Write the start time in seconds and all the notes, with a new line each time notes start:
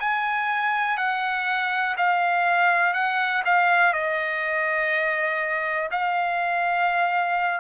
0.00 G#5
0.97 F#5
1.97 F5
2.94 F#5
3.45 F5
3.93 D#5
5.91 F5